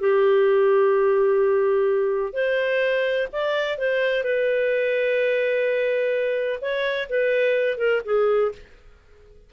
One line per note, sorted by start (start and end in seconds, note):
0.00 2.33 G4
2.33 3.28 C5
3.32 3.78 D5
3.78 4.24 C5
4.24 6.60 B4
6.61 7.09 C#5
7.10 7.78 B4
7.78 8.02 A#4
8.05 8.52 G#4